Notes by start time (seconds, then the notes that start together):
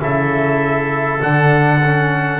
0.00 C#3 E4 A4 E5
1.21 D3 D4 F#5
1.84 C#4